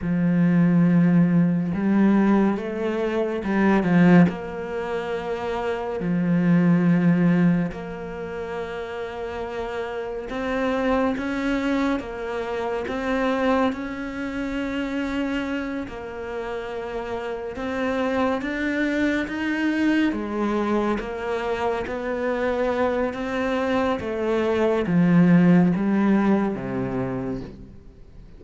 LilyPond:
\new Staff \with { instrumentName = "cello" } { \time 4/4 \tempo 4 = 70 f2 g4 a4 | g8 f8 ais2 f4~ | f4 ais2. | c'4 cis'4 ais4 c'4 |
cis'2~ cis'8 ais4.~ | ais8 c'4 d'4 dis'4 gis8~ | gis8 ais4 b4. c'4 | a4 f4 g4 c4 | }